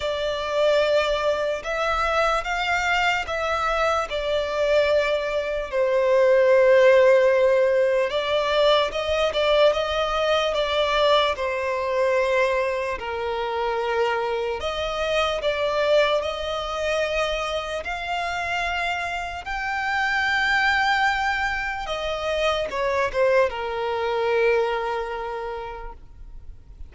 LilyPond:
\new Staff \with { instrumentName = "violin" } { \time 4/4 \tempo 4 = 74 d''2 e''4 f''4 | e''4 d''2 c''4~ | c''2 d''4 dis''8 d''8 | dis''4 d''4 c''2 |
ais'2 dis''4 d''4 | dis''2 f''2 | g''2. dis''4 | cis''8 c''8 ais'2. | }